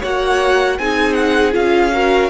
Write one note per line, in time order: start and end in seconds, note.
0.00 0.79 A#3
0.00 0.79 F#4
0.00 0.76 C#5
0.00 0.78 F#5
0.78 1.55 C4
0.78 1.52 D#4
0.78 1.94 G#4
0.78 1.14 G#5
1.14 1.52 F#5
1.52 2.30 C#4
1.52 1.90 F4
1.52 2.30 F5
1.93 2.30 F#4
1.93 2.30 A#4